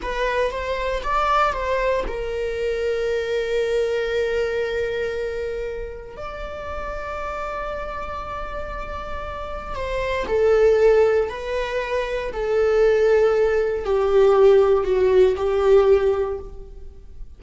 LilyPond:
\new Staff \with { instrumentName = "viola" } { \time 4/4 \tempo 4 = 117 b'4 c''4 d''4 c''4 | ais'1~ | ais'1 | d''1~ |
d''2. c''4 | a'2 b'2 | a'2. g'4~ | g'4 fis'4 g'2 | }